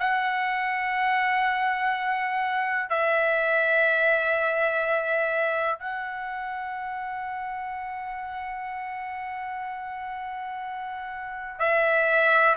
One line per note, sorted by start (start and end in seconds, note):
0.00 2.90 F#5
2.90 5.80 E5
5.80 11.60 F#5
11.60 12.56 E5